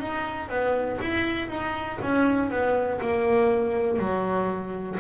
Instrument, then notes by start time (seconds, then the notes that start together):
double bass
0.00 D#4
0.50 B3
1.01 E4
1.49 D#4
2.02 C#4
2.51 B3
3.01 A#3
3.99 F#3